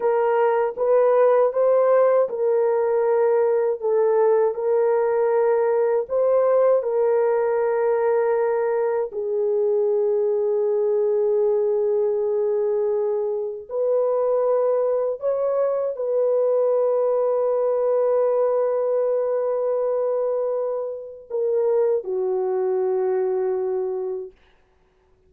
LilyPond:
\new Staff \with { instrumentName = "horn" } { \time 4/4 \tempo 4 = 79 ais'4 b'4 c''4 ais'4~ | ais'4 a'4 ais'2 | c''4 ais'2. | gis'1~ |
gis'2 b'2 | cis''4 b'2.~ | b'1 | ais'4 fis'2. | }